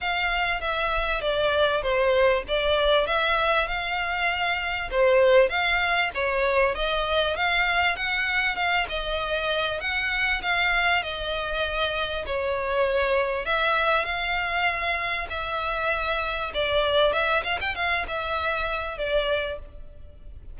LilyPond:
\new Staff \with { instrumentName = "violin" } { \time 4/4 \tempo 4 = 98 f''4 e''4 d''4 c''4 | d''4 e''4 f''2 | c''4 f''4 cis''4 dis''4 | f''4 fis''4 f''8 dis''4. |
fis''4 f''4 dis''2 | cis''2 e''4 f''4~ | f''4 e''2 d''4 | e''8 f''16 g''16 f''8 e''4. d''4 | }